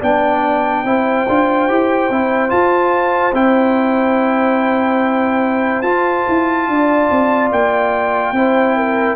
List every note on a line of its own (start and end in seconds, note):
0.00 0.85 B3
0.00 0.86 D4
0.00 0.83 D5
0.00 2.51 G5
0.85 1.27 C4
0.85 1.28 E4
0.85 6.71 C5
1.29 1.70 D4
1.29 1.69 F4
1.69 2.10 E4
1.69 2.10 G4
2.10 2.52 C4
2.10 2.49 E4
2.49 3.33 F4
2.49 3.34 F4
2.49 3.34 A5
3.34 5.83 C4
3.34 5.85 E4
3.34 5.82 G5
5.82 6.25 F4
5.82 8.35 F4
5.82 7.49 A5
6.29 6.69 E4
6.69 7.10 D4
6.69 8.37 D5
7.11 7.52 C4
7.52 8.33 A#3
7.52 9.16 G5
8.33 9.16 C4
8.33 9.16 E4
8.33 8.77 C5
8.77 9.16 A#4